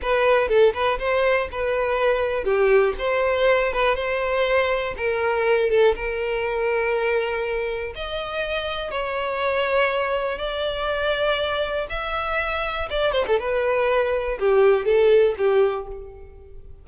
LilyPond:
\new Staff \with { instrumentName = "violin" } { \time 4/4 \tempo 4 = 121 b'4 a'8 b'8 c''4 b'4~ | b'4 g'4 c''4. b'8 | c''2 ais'4. a'8 | ais'1 |
dis''2 cis''2~ | cis''4 d''2. | e''2 d''8 c''16 a'16 b'4~ | b'4 g'4 a'4 g'4 | }